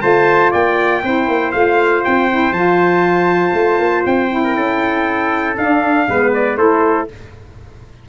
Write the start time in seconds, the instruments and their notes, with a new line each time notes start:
0.00 tuba A3, saxophone F4, trumpet C5 A5
0.51 tuba A#3, trumpet D5 G5
1.03 tuba C4, saxophone E4, trumpet C5
1.28 tuba A#3
1.51 tuba A3, saxophone F4, trumpet F5
2.04 tuba C4, trumpet G5
2.30 saxophone E4
2.51 tuba F3, saxophone F4, trumpet A5
3.53 tuba A3
3.79 tuba A#3
4.06 tuba C4, trumpet G5
4.28 saxophone E4
4.44 trumpet A#4
4.55 tuba C#4, trumpet A4
5.57 tuba D4, saxophone D4, trumpet F5
6.09 tuba G#3, saxophone B3, trumpet B4
6.34 trumpet D5
6.57 tuba A3, saxophone E4, trumpet A4 C5